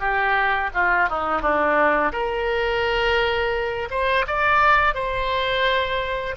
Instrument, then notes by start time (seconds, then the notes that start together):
oboe
0.00 G4
0.74 F4
1.10 D#4
1.42 D4
2.13 A#4
3.91 C5
4.28 D5
4.95 C5